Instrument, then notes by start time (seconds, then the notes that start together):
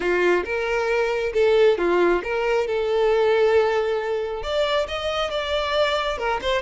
violin
0.00 F4
0.44 A#4
1.33 A4
1.78 F4
2.23 A#4
2.67 A4
4.42 D5
4.87 D#5
5.30 D5
6.17 A#4
6.41 C5